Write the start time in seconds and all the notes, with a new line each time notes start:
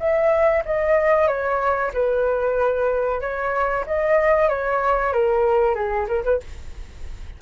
0.00 E5
0.66 D#5
1.28 C#5
1.94 B4
3.21 C#5
3.87 D#5
4.49 C#5
5.13 A#4
5.76 G#4
6.08 A#4
6.24 B4